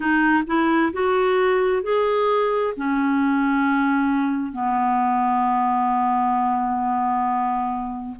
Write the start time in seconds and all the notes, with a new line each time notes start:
0.00 D#4
0.46 E4
0.93 F#4
1.82 G#4
2.76 C#4
4.52 B3